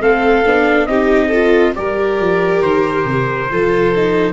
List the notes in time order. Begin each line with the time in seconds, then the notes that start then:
0.00 A3 C4 A4 F5
0.45 B3 D4
0.86 C4 D#4 G4 D#5
1.28 F4 A4
1.74 G3 G4 A#4 D5
2.19 F3
2.61 D#3 C5
3.05 C3
3.51 F3 F4 A4
3.95 D#4